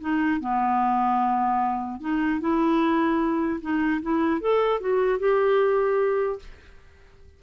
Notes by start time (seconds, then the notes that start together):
0.00 D#4
0.40 B3
2.00 D#4
2.40 E4
3.61 D#4
4.02 E4
4.41 A4
4.80 F#4
5.19 G4